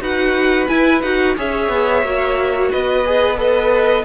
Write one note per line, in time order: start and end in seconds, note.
0.00 0.67 D#4
0.00 0.68 F#4
0.00 1.36 B4
0.00 0.68 F#5
0.68 1.01 E4
0.68 1.03 E4
0.68 1.02 G#5
1.02 1.37 D#4
1.02 1.37 F#4
1.02 1.36 F#5
1.37 1.69 C#4
1.37 2.04 G#4
1.37 2.71 C#5
1.37 2.71 E5
1.69 2.02 B3
2.03 2.70 A#3
2.03 3.05 F#4
2.71 4.05 B3
2.71 3.38 B4
2.71 3.38 D#5
3.05 3.36 G#4
3.36 4.04 A4
3.36 4.05 B4
3.36 4.05 D#5